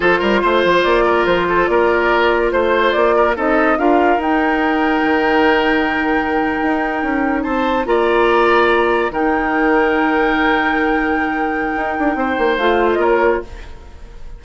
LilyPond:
<<
  \new Staff \with { instrumentName = "flute" } { \time 4/4 \tempo 4 = 143 c''2 d''4 c''4 | d''2 c''4 d''4 | dis''4 f''4 g''2~ | g''1~ |
g''4.~ g''16 a''4 ais''4~ ais''16~ | ais''4.~ ais''16 g''2~ g''16~ | g''1~ | g''2 f''8. dis''16 cis''4 | }
  \new Staff \with { instrumentName = "oboe" } { \time 4/4 a'8 ais'8 c''4. ais'4 a'8 | ais'2 c''4. ais'8 | a'4 ais'2.~ | ais'1~ |
ais'4.~ ais'16 c''4 d''4~ d''16~ | d''4.~ d''16 ais'2~ ais'16~ | ais'1~ | ais'4 c''2 ais'4 | }
  \new Staff \with { instrumentName = "clarinet" } { \time 4/4 f'1~ | f'1 | dis'4 f'4 dis'2~ | dis'1~ |
dis'2~ dis'8. f'4~ f'16~ | f'4.~ f'16 dis'2~ dis'16~ | dis'1~ | dis'2 f'2 | }
  \new Staff \with { instrumentName = "bassoon" } { \time 4/4 f8 g8 a8 f8 ais4 f4 | ais2 a4 ais4 | c'4 d'4 dis'2 | dis2.~ dis8. dis'16~ |
dis'8. cis'4 c'4 ais4~ ais16~ | ais4.~ ais16 dis2~ dis16~ | dis1 | dis'8 d'8 c'8 ais8 a4 ais4 | }
>>